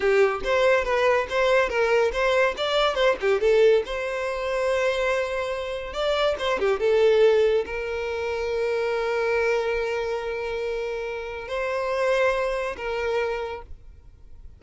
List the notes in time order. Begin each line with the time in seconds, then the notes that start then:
0.00 G4
0.44 C5
0.84 B4
1.29 C5
1.69 A#4
2.12 C5
2.57 D5
2.94 C5
3.20 G4
3.40 A4
3.85 C5
5.93 D5
6.38 C5
6.59 G4
6.79 A4
7.65 A#4
11.48 C5
12.76 A#4